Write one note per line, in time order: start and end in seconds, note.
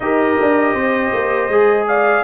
0.00 0.38 D#4
0.00 1.51 G4
0.00 0.74 A#4
0.00 1.87 D#5
0.41 0.74 D4
0.74 1.11 C4
0.74 1.86 C5
1.13 1.48 A#3
1.48 2.23 G#3
1.48 2.24 G#4
1.87 2.24 D5
1.87 2.24 F5